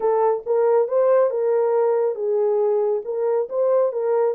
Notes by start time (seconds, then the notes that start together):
0.00 A4
0.46 A#4
0.88 C5
1.30 A#4
2.15 G#4
3.04 A#4
3.49 C5
3.92 A#4